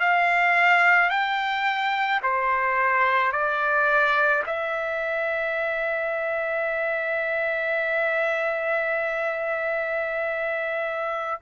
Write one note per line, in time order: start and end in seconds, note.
0.00 1.10 F5
1.10 2.21 G5
2.23 3.32 C5
3.32 4.43 D5
4.46 11.41 E5